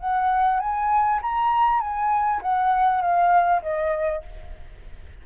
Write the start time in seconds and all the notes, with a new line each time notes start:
0.00 F#5
0.60 G#5
1.22 A#5
1.81 G#5
2.42 F#5
3.01 F5
3.62 D#5